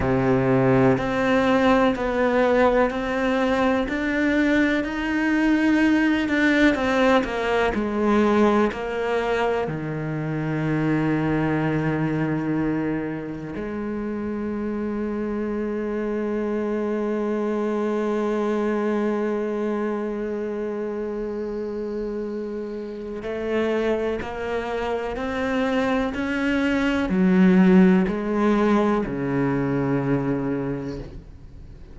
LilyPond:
\new Staff \with { instrumentName = "cello" } { \time 4/4 \tempo 4 = 62 c4 c'4 b4 c'4 | d'4 dis'4. d'8 c'8 ais8 | gis4 ais4 dis2~ | dis2 gis2~ |
gis1~ | gis1 | a4 ais4 c'4 cis'4 | fis4 gis4 cis2 | }